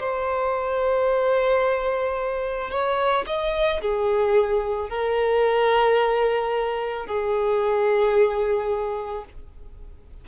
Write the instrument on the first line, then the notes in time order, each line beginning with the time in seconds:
violin
0.00 C5
2.71 C#5
3.27 D#5
3.82 G#4
4.90 A#4
7.07 G#4